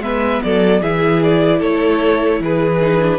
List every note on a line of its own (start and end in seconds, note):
0.00 0.40 G#3
0.00 0.82 B3
0.00 0.44 B4
0.00 0.42 E5
0.43 0.82 F#3
0.43 0.82 A4
0.43 0.83 D5
0.82 1.61 E3
0.82 2.81 E4
0.82 1.59 G#4
0.82 1.23 E5
1.23 1.62 D5
1.59 2.40 A3
1.59 2.39 A4
1.59 2.42 C#5
2.40 3.19 E3
2.40 3.19 G#4
2.40 3.19 B4
2.81 3.01 D#4
3.01 3.19 D4